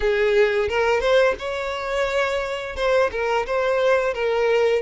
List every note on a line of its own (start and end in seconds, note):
0.00 0.68 G#4
0.68 1.00 A#4
1.00 1.34 C5
1.38 2.76 C#5
2.76 3.10 C5
3.11 3.45 A#4
3.46 4.13 C5
4.13 4.82 A#4